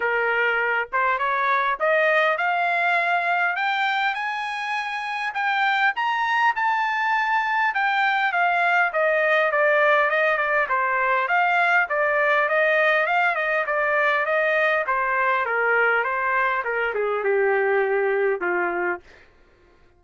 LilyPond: \new Staff \with { instrumentName = "trumpet" } { \time 4/4 \tempo 4 = 101 ais'4. c''8 cis''4 dis''4 | f''2 g''4 gis''4~ | gis''4 g''4 ais''4 a''4~ | a''4 g''4 f''4 dis''4 |
d''4 dis''8 d''8 c''4 f''4 | d''4 dis''4 f''8 dis''8 d''4 | dis''4 c''4 ais'4 c''4 | ais'8 gis'8 g'2 f'4 | }